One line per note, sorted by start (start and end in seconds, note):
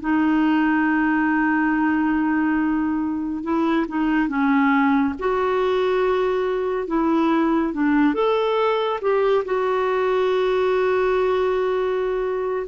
0.00 3.43 D#4
3.43 3.86 E4
3.88 4.28 D#4
4.28 5.14 C#4
5.19 6.87 F#4
6.87 7.73 E4
7.73 8.14 D4
8.14 9.00 A4
9.01 9.44 G4
9.44 12.66 F#4